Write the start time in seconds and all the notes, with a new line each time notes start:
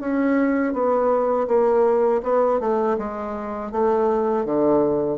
0.00 C#4
0.74 B3
1.48 A#3
2.23 B3
2.60 A3
2.98 G#3
3.72 A3
4.45 D3